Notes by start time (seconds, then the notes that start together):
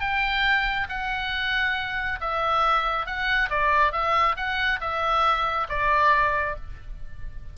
0.00 G5
0.89 F#5
2.20 E5
3.06 F#5
3.49 D5
3.92 E5
4.36 F#5
4.80 E5
5.69 D5